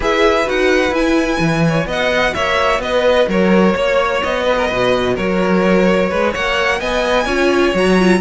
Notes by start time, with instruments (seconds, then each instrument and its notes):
0.00 cello E4, viola G#4, violin B4 E5
0.45 cello D#4, viola F#4, violin F#5
0.90 cello E4, viola E4, violin G#5
1.39 cello E3
1.68 violin C#5
1.85 cello B3, viola F#4, violin D#5
1.91 violin F#5
2.33 cello A#3, violin C#5 E5
2.78 cello B3, violin B4 D#5
3.28 cello F#3, violin A#4 C#5
3.74 cello A#3, violin C#5
4.22 cello B3, violin D#5
4.43 violin B4
4.57 violin A#4
4.67 cello B2, violin B4
5.15 cello F#3, violin A#4 C#5
6.09 cello G#3, violin B4
6.32 cello A#3, violin C#5 F#5
6.79 cello B3, violin D#5 G#5
7.25 cello C#4, viola F4, violin C#5
7.74 cello F#3, viola F#4, violin A#5
7.98 viola F4